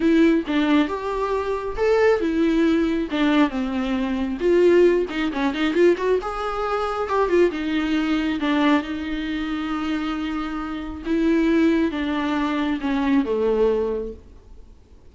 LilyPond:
\new Staff \with { instrumentName = "viola" } { \time 4/4 \tempo 4 = 136 e'4 d'4 g'2 | a'4 e'2 d'4 | c'2 f'4. dis'8 | cis'8 dis'8 f'8 fis'8 gis'2 |
g'8 f'8 dis'2 d'4 | dis'1~ | dis'4 e'2 d'4~ | d'4 cis'4 a2 | }